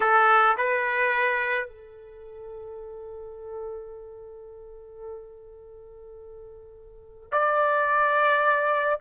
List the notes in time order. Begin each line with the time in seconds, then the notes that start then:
0.00 A4
0.57 B4
1.67 A4
7.31 D5